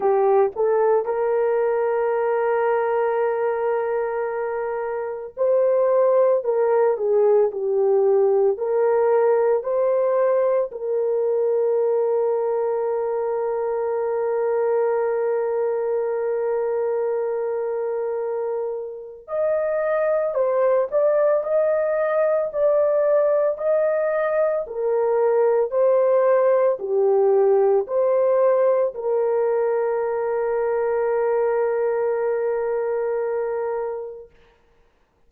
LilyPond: \new Staff \with { instrumentName = "horn" } { \time 4/4 \tempo 4 = 56 g'8 a'8 ais'2.~ | ais'4 c''4 ais'8 gis'8 g'4 | ais'4 c''4 ais'2~ | ais'1~ |
ais'2 dis''4 c''8 d''8 | dis''4 d''4 dis''4 ais'4 | c''4 g'4 c''4 ais'4~ | ais'1 | }